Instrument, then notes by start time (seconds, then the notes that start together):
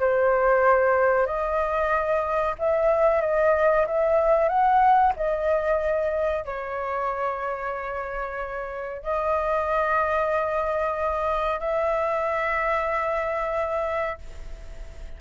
flute
0.00 C5
1.26 D#5
2.59 E5
3.21 D#5
3.87 E5
4.48 F#5
5.16 D#5
6.45 C#5
9.02 D#5
11.60 E5